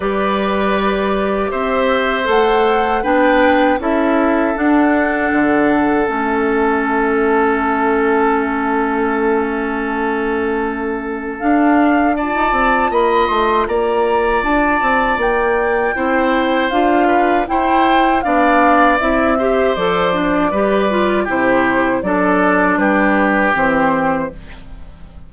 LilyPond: <<
  \new Staff \with { instrumentName = "flute" } { \time 4/4 \tempo 4 = 79 d''2 e''4 fis''4 | g''4 e''4 fis''2 | e''1~ | e''2. f''4 |
a''4 b''8 c'''8 ais''4 a''4 | g''2 f''4 g''4 | f''4 e''4 d''2 | c''4 d''4 b'4 c''4 | }
  \new Staff \with { instrumentName = "oboe" } { \time 4/4 b'2 c''2 | b'4 a'2.~ | a'1~ | a'1 |
d''4 dis''4 d''2~ | d''4 c''4. b'8 c''4 | d''4. c''4. b'4 | g'4 a'4 g'2 | }
  \new Staff \with { instrumentName = "clarinet" } { \time 4/4 g'2. a'4 | d'4 e'4 d'2 | cis'1~ | cis'2. d'4 |
f'1~ | f'4 e'4 f'4 e'4 | d'4 e'8 g'8 a'8 d'8 g'8 f'8 | e'4 d'2 c'4 | }
  \new Staff \with { instrumentName = "bassoon" } { \time 4/4 g2 c'4 a4 | b4 cis'4 d'4 d4 | a1~ | a2. d'4~ |
d'16 dis'16 c'8 ais8 a8 ais4 d'8 c'8 | ais4 c'4 d'4 e'4 | b4 c'4 f4 g4 | c4 fis4 g4 e4 | }
>>